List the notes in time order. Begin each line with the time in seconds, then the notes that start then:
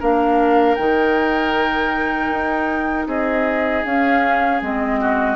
0.00 A#3 D4 A#4 F5
0.76 D#3 D#4 G5
2.31 D#4
3.07 C4 G#4 D#5
3.85 C#4 F5
4.62 G#3 C4 D#5
5.01 F#4